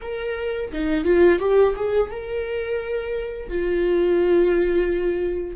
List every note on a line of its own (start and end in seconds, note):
0.01 0.71 A#4
0.72 1.04 D#4
1.04 1.39 F4
1.39 1.74 G4
1.75 2.10 G#4
2.11 3.49 A#4
3.49 5.56 F4